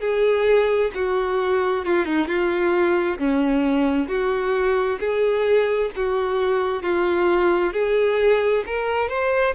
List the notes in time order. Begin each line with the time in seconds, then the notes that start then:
0.00 G#4
0.95 F#4
1.85 F4
2.05 D#4
2.27 F4
3.18 C#4
4.08 F#4
5.00 G#4
5.95 F#4
6.82 F4
7.73 G#4
8.66 A#4
9.09 C5